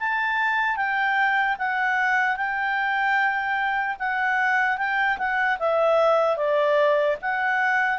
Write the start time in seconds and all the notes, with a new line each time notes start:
0.00 A5
0.77 G5
1.59 F#5
2.37 G5
4.00 F#5
4.78 G5
5.19 F#5
5.60 E5
6.37 D5
7.22 F#5